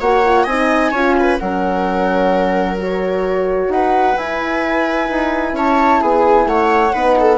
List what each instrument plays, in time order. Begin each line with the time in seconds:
0.00 bassoon A#3, horn F#4, viola C#5, flute F#5
0.25 horn F4
0.43 bassoon C4, horn D#4, viola D#5, flute G#5
0.91 bassoon C#4, horn F4, viola C#5
1.20 viola B4
1.38 bassoon F#3, horn C#4, viola A#4, flute F#5
2.78 horn F#4, flute C#5
3.68 bassoon D#4, viola B4, flute F#5
4.17 bassoon E4, horn E4, flute G#5
5.09 bassoon D#4
5.52 bassoon C#4, viola C#5, flute A5
6.00 bassoon B3, viola G#4, flute G#5
6.46 bassoon A3, viola C#5, flute F#5
6.92 bassoon B3, horn D#4, viola B4
7.19 viola A4